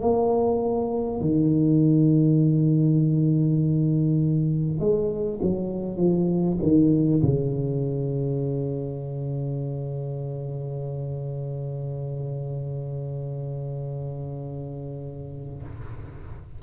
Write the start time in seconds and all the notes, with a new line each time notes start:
0.00 A#3
1.21 D#3
4.79 G#3
5.42 F#3
5.97 F3
6.62 D#3
7.22 C#3